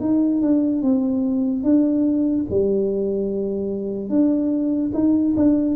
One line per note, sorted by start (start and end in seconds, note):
0.00 0.41 D#4
0.41 0.82 D4
0.82 1.63 C4
1.63 2.45 D4
2.50 4.09 G3
4.09 4.91 D4
4.94 5.35 D#4
5.36 5.75 D4